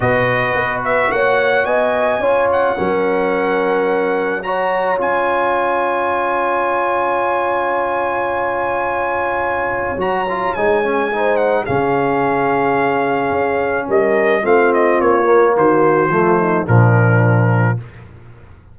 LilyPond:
<<
  \new Staff \with { instrumentName = "trumpet" } { \time 4/4 \tempo 4 = 108 dis''4. e''8 fis''4 gis''4~ | gis''8 fis''2.~ fis''8 | ais''4 gis''2.~ | gis''1~ |
gis''2 ais''4 gis''4~ | gis''8 fis''8 f''2.~ | f''4 dis''4 f''8 dis''8 cis''4 | c''2 ais'2 | }
  \new Staff \with { instrumentName = "horn" } { \time 4/4 b'2 cis''4 dis''4 | cis''4 ais'2. | cis''1~ | cis''1~ |
cis''1 | c''4 gis'2.~ | gis'4 ais'4 f'2 | fis'4 f'8 dis'8 d'2 | }
  \new Staff \with { instrumentName = "trombone" } { \time 4/4 fis'1 | f'4 cis'2. | fis'4 f'2.~ | f'1~ |
f'2 fis'8 f'8 dis'8 cis'8 | dis'4 cis'2.~ | cis'2 c'4. ais8~ | ais4 a4 f2 | }
  \new Staff \with { instrumentName = "tuba" } { \time 4/4 b,4 b4 ais4 b4 | cis'4 fis2.~ | fis4 cis'2.~ | cis'1~ |
cis'2 fis4 gis4~ | gis4 cis2. | cis'4 g4 a4 ais4 | dis4 f4 ais,2 | }
>>